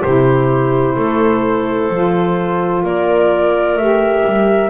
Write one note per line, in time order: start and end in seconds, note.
0.00 0.96 C3
0.00 1.91 E4
0.00 0.94 G4
0.00 2.83 C5
0.96 1.90 A3
0.96 2.82 A4
1.90 2.83 F3
1.90 3.78 F4
2.82 3.75 A#3
2.82 4.69 A#4
2.82 3.77 D5
3.75 4.22 A3
3.75 4.69 G4
3.75 4.69 E5
4.25 4.69 G3